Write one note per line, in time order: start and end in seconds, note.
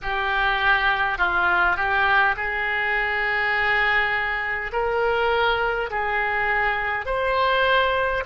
0.02 1.18 G4
1.18 1.76 F4
1.76 2.35 G4
2.36 4.71 G#4
4.72 5.89 A#4
5.90 7.05 G#4
7.05 8.23 C5